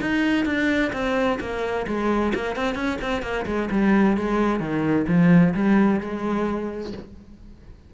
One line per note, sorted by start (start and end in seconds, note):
0.00 0.45 D#4
0.45 0.91 D4
0.92 1.38 C4
1.40 1.86 A#3
1.87 2.33 G#3
2.34 2.55 A#3
2.55 2.74 C4
2.74 2.97 C#4
3.01 3.22 C4
3.22 3.45 A#3
3.46 3.69 G#3
3.70 4.17 G3
4.17 4.59 G#3
4.59 5.05 D#3
5.07 5.53 F3
5.54 6.00 G3
6.00 6.92 G#3